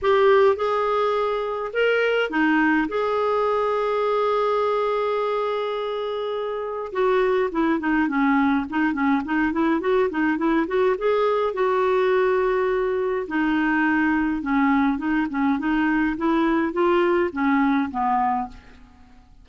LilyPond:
\new Staff \with { instrumentName = "clarinet" } { \time 4/4 \tempo 4 = 104 g'4 gis'2 ais'4 | dis'4 gis'2.~ | gis'1 | fis'4 e'8 dis'8 cis'4 dis'8 cis'8 |
dis'8 e'8 fis'8 dis'8 e'8 fis'8 gis'4 | fis'2. dis'4~ | dis'4 cis'4 dis'8 cis'8 dis'4 | e'4 f'4 cis'4 b4 | }